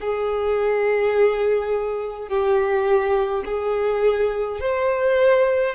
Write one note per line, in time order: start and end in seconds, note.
0.00 2.29 G#4
2.29 3.44 G4
3.45 4.60 G#4
4.60 5.75 C5